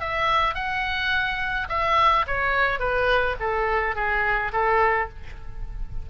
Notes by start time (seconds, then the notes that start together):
0.00 E5
0.54 F#5
1.69 E5
2.27 C#5
2.79 B4
3.39 A4
3.95 G#4
4.52 A4